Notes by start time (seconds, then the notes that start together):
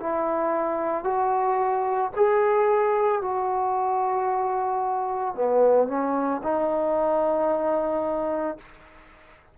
0.00 E4
1.04 F#4
2.16 G#4
3.22 F#4
5.35 B3
5.88 C#4
6.43 D#4